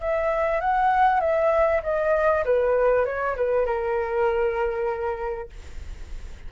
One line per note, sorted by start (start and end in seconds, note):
0.00 0.61 E5
0.61 1.20 F#5
1.20 1.81 E5
1.83 2.44 D#5
2.45 3.05 B4
3.05 3.36 C#5
3.36 3.66 B4
3.66 5.49 A#4